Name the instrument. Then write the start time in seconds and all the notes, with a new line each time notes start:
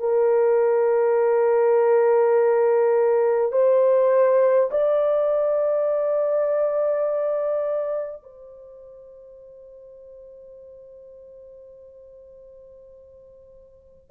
horn
0.00 A#4
3.52 C5
4.71 D5
8.23 C5